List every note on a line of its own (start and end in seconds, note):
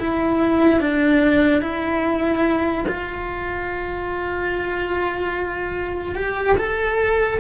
0.00 0.80 E4
0.80 1.62 D4
1.62 2.85 E4
2.88 6.15 F4
6.15 6.56 G4
6.57 7.39 A4